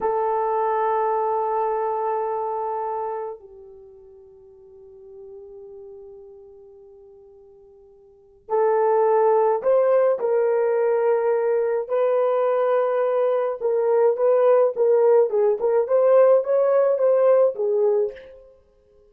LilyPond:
\new Staff \with { instrumentName = "horn" } { \time 4/4 \tempo 4 = 106 a'1~ | a'2 g'2~ | g'1~ | g'2. a'4~ |
a'4 c''4 ais'2~ | ais'4 b'2. | ais'4 b'4 ais'4 gis'8 ais'8 | c''4 cis''4 c''4 gis'4 | }